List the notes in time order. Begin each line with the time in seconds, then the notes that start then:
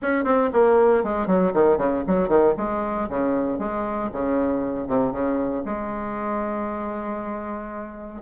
0.01 C#4
0.24 C4
0.53 A#3
1.03 G#3
1.26 F#3
1.53 D#3
1.77 C#3
2.07 F#3
2.28 D#3
2.57 G#3
3.09 C#3
3.58 G#3
4.12 C#3
4.87 C3
5.11 C#3
5.65 G#3